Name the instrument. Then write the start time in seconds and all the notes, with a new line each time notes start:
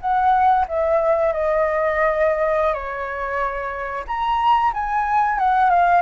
flute
0.00 F#5
0.68 E5
1.33 D#5
2.73 C#5
4.07 A#5
4.73 G#5
5.39 F#5
5.70 F5